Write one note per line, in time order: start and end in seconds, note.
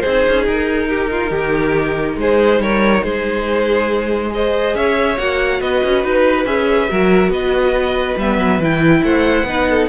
0.00 0.26 C4
0.00 4.30 D#4
0.00 0.88 G#4
0.00 0.43 C5
0.27 0.47 C#4
0.47 1.30 D#4
0.47 2.18 A#4
0.88 1.10 G4
1.10 1.30 F4
1.30 2.16 D#3
1.30 2.16 G4
2.16 2.59 G#3
2.16 2.62 G#4
2.16 2.61 C5
2.59 3.02 G3
2.59 3.04 A#4
2.59 3.04 C#5
3.03 4.74 G#3
3.03 4.32 G#4
3.03 4.32 C5
4.30 5.15 G#4
4.30 4.76 C5
4.30 4.76 D#5
4.74 5.17 C#4
4.74 5.61 C#5
4.74 5.18 E5
5.17 5.60 A#3
5.17 6.46 F#4
5.17 5.60 F#5
5.60 5.82 B3
5.60 6.90 B4
5.60 6.03 D#5
5.84 6.03 C#4
6.03 6.45 D#4
6.03 6.45 B4
6.45 6.88 C#4
6.45 6.88 G#4
6.45 7.31 E5
6.88 7.28 F#3
6.88 8.17 F#4
6.88 7.31 A#4
7.28 8.14 B3
7.28 9.03 B4
7.28 8.18 D#5
8.17 8.37 G3
8.17 8.62 B3
8.17 8.61 E5
8.37 8.59 F#3
8.59 9.01 E3
8.59 9.47 E4
8.59 9.04 G5
9.03 9.43 A3
9.03 9.46 C5
9.03 9.89 F#5
9.43 9.86 B3
9.43 9.89 D#4
9.43 9.68 B4
9.69 9.89 A4